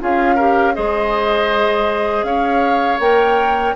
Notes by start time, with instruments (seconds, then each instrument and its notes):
0.00 bassoon C#4, clarinet F4, oboe G#4, flute F5
0.35 clarinet G4, oboe A#4
0.74 bassoon G#3, clarinet G#4, oboe C5, flute D#5
2.23 bassoon C#4, oboe C#5, flute F5
2.98 bassoon A#3, clarinet A#4, flute G5